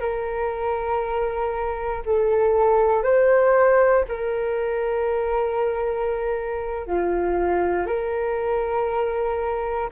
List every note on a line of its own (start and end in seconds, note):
0.00 2.03 A#4
2.06 3.03 A4
3.03 4.05 C5
4.09 6.86 A#4
6.86 7.86 F4
7.86 9.90 A#4